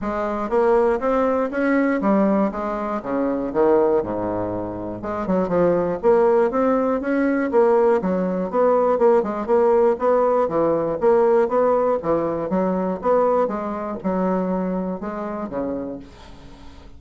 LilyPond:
\new Staff \with { instrumentName = "bassoon" } { \time 4/4 \tempo 4 = 120 gis4 ais4 c'4 cis'4 | g4 gis4 cis4 dis4 | gis,2 gis8 fis8 f4 | ais4 c'4 cis'4 ais4 |
fis4 b4 ais8 gis8 ais4 | b4 e4 ais4 b4 | e4 fis4 b4 gis4 | fis2 gis4 cis4 | }